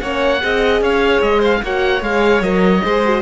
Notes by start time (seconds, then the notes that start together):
0.00 A#3 C#4 C#5 F#5
0.40 C4 G#4 D#5
0.81 C#4 C#5 F5
1.21 G#3 D#5
1.39 C5 F5
1.63 A#3 F#4 C#5 F#5
2.01 G#3 G#4 F5
2.41 F#3 A#4 D#5
2.83 G#3 G#4 C5
3.05 F#4